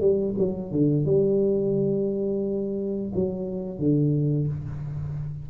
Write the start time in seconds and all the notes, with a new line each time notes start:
0.00 G3
0.38 F#3
0.71 D3
1.05 G3
3.14 F#3
3.78 D3